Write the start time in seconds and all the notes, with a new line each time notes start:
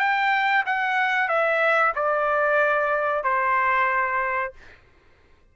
0.00 G5
0.66 F#5
1.29 E5
1.96 D5
3.24 C5